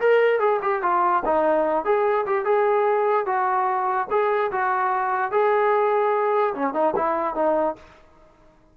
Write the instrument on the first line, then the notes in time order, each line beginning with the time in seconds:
trombone
0.00 A#4
0.40 G#4
0.62 G4
0.83 F4
1.25 D#4
1.85 G#4
2.26 G4
2.45 G#4
3.26 F#4
4.11 G#4
4.52 F#4
5.32 G#4
6.55 C#4
6.74 D#4
6.96 E4
7.35 D#4